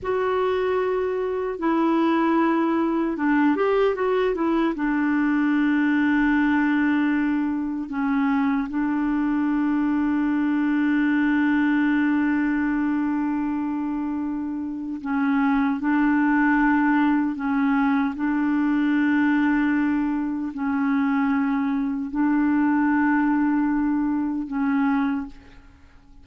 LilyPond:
\new Staff \with { instrumentName = "clarinet" } { \time 4/4 \tempo 4 = 76 fis'2 e'2 | d'8 g'8 fis'8 e'8 d'2~ | d'2 cis'4 d'4~ | d'1~ |
d'2. cis'4 | d'2 cis'4 d'4~ | d'2 cis'2 | d'2. cis'4 | }